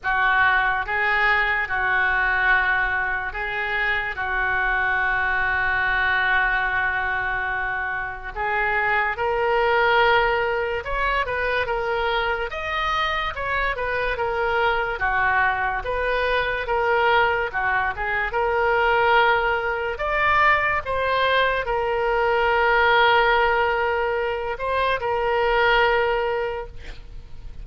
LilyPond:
\new Staff \with { instrumentName = "oboe" } { \time 4/4 \tempo 4 = 72 fis'4 gis'4 fis'2 | gis'4 fis'2.~ | fis'2 gis'4 ais'4~ | ais'4 cis''8 b'8 ais'4 dis''4 |
cis''8 b'8 ais'4 fis'4 b'4 | ais'4 fis'8 gis'8 ais'2 | d''4 c''4 ais'2~ | ais'4. c''8 ais'2 | }